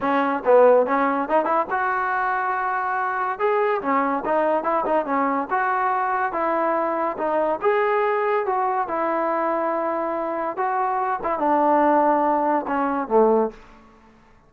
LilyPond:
\new Staff \with { instrumentName = "trombone" } { \time 4/4 \tempo 4 = 142 cis'4 b4 cis'4 dis'8 e'8 | fis'1 | gis'4 cis'4 dis'4 e'8 dis'8 | cis'4 fis'2 e'4~ |
e'4 dis'4 gis'2 | fis'4 e'2.~ | e'4 fis'4. e'8 d'4~ | d'2 cis'4 a4 | }